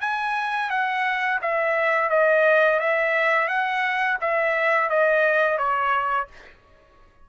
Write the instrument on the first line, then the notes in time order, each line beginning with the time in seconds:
trumpet
0.00 G#5
0.69 F#5
1.41 E5
2.09 D#5
2.79 E5
3.48 F#5
4.20 E5
4.89 D#5
5.58 C#5